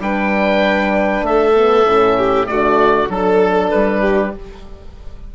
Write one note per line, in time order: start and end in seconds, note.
0.00 1.23 G3
0.00 1.55 D4
0.00 1.27 B4
0.00 1.26 G5
1.23 1.85 A3
1.23 2.18 A4
1.23 2.47 E5
1.55 1.86 B3
1.86 2.48 A2
1.86 2.46 C#4
2.18 2.49 G4
2.46 3.09 D3
2.46 3.08 A3
2.46 3.12 F#4
2.46 3.09 D5
3.09 3.71 F#3
3.09 4.34 D4
3.09 3.71 A4
3.09 4.01 A4
3.71 4.35 G3
3.71 4.33 B4
4.01 4.31 G4